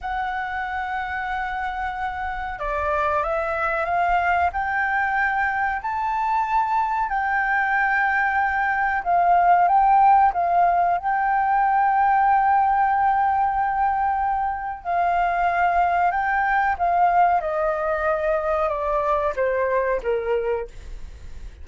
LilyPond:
\new Staff \with { instrumentName = "flute" } { \time 4/4 \tempo 4 = 93 fis''1 | d''4 e''4 f''4 g''4~ | g''4 a''2 g''4~ | g''2 f''4 g''4 |
f''4 g''2.~ | g''2. f''4~ | f''4 g''4 f''4 dis''4~ | dis''4 d''4 c''4 ais'4 | }